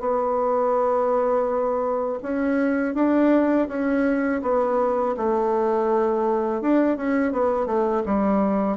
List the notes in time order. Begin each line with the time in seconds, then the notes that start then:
0.00 B3
2.23 C#4
2.95 D4
3.68 C#4
4.42 B3
5.17 A3
6.62 D4
6.97 C#4
7.32 B3
7.66 A3
8.06 G3